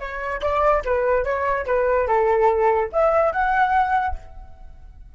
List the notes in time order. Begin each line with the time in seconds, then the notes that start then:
0.00 C#5
0.42 D5
0.85 B4
1.25 C#5
1.66 B4
2.08 A4
2.93 E5
3.33 F#5